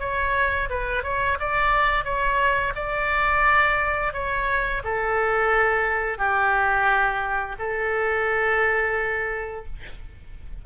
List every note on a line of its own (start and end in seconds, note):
0.00 0.69 C#5
0.70 1.03 B4
1.03 1.38 C#5
1.40 2.04 D5
2.04 2.73 C#5
2.76 4.13 D5
4.13 4.82 C#5
4.84 6.18 A4
6.18 7.56 G4
7.59 9.66 A4